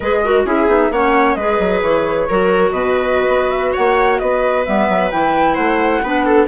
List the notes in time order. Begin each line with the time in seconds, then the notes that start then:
0.00 G#3 G#4 B4 D#5
0.24 F#4 A#4
0.45 C#4 E4 G#4 E5
0.67 B3 D#4
0.90 A#3 C#4 C#5 F#5
1.34 G#3 G#4 B4 D#5
1.59 F#3
1.82 E3 C#5
2.28 F#3 F#4 A#4
2.71 B2 B4 D#5
3.28 B3
3.50 E5
3.72 A#3 C#5 F#5
4.18 B3 B4 D#5
4.65 G3 B3 E5
4.88 F#3
5.11 E3 E4 G5
5.54 A3 C5 F#5
6.02 B3 D4 B4
6.25 A4